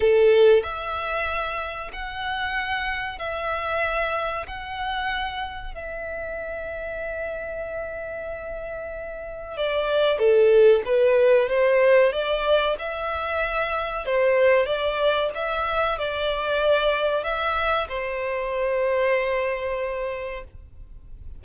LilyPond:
\new Staff \with { instrumentName = "violin" } { \time 4/4 \tempo 4 = 94 a'4 e''2 fis''4~ | fis''4 e''2 fis''4~ | fis''4 e''2.~ | e''2. d''4 |
a'4 b'4 c''4 d''4 | e''2 c''4 d''4 | e''4 d''2 e''4 | c''1 | }